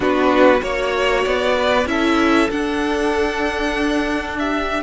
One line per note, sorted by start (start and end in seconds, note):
0.00 0.60 B3
0.00 0.58 D4
0.00 0.61 F#4
0.00 0.63 B4
0.58 1.25 A#3
0.58 1.83 F#4
0.58 1.55 C#5
0.58 1.24 C#5
1.24 1.85 B3
1.24 1.86 D5
1.57 1.88 B4
1.85 2.48 C#4
1.85 2.48 E4
1.85 4.38 A4
1.85 2.50 E5
2.50 4.83 D4
2.50 4.38 F#5
4.38 4.83 G4
4.38 4.83 E5